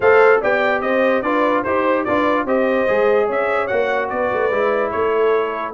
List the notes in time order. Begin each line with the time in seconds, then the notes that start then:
0.00 A3 A4 C5 F5
0.40 B3 G4 D5 G5
0.81 C4 C5 D#5
1.22 D4 F4 B4 D5
1.62 D#4 G4 C5
2.04 D4 F4 B4 D5
2.43 C4 G4 C5 D#5
2.87 G#3 G#4
3.26 C#4 C#5 E5
3.67 A#3 F#4 F#5
4.09 B3 B4 D5
4.32 A3
4.50 G#3 E4
4.90 A3 A4 C#5